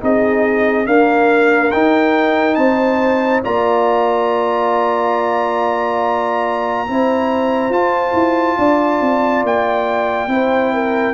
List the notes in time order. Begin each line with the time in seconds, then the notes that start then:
0.00 C4 D#4 G#4 D#5
0.85 A#3 D4 A#4 F5
1.71 D#4 G5
2.54 C4 C5 A5
3.42 A#3 F4 D5 A#5
6.87 C4 E4 C5
7.69 F4 A5
8.13 E4
8.57 D4 D5
9.00 C4
9.43 A#3 G5
10.27 C4 E4 C5
10.73 A#4